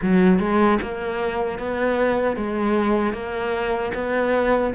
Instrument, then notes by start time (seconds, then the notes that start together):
cello
0.02 F#3
0.39 G#3
0.81 A#3
1.58 B3
2.36 G#3
3.13 A#3
3.94 B3